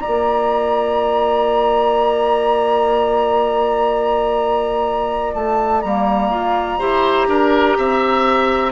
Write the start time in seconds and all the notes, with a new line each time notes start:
0.00 F4 D5 A#5
0.07 A#3
5.34 A3 A5
5.82 G3 A#3 A#5
6.30 F4
6.79 E4 G4 C5
7.28 D4 A#4
7.78 C4 E5